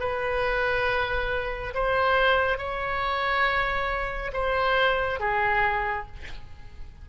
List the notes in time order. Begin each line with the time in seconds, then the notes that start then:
0.00 B4
1.75 C5
2.58 C#5
4.33 C5
5.20 G#4